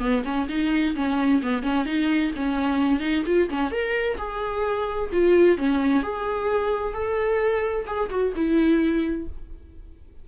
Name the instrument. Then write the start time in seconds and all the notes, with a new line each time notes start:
viola
0.00 B3
0.25 C#4
0.49 D#4
0.96 C#4
1.43 B3
1.63 C#4
1.86 D#4
2.36 C#4
3.00 D#4
3.26 F4
3.50 C#4
3.72 A#4
4.18 G#4
5.13 F4
5.58 C#4
6.03 G#4
6.94 A4
7.87 G#4
8.10 F#4
8.36 E4